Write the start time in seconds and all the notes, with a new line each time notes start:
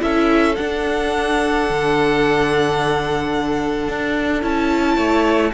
0.00 C#4 E4 A4 E5
0.56 D4 F#5
1.70 D3
3.88 D4
4.42 C#4 E4 A5
4.96 A3 C#5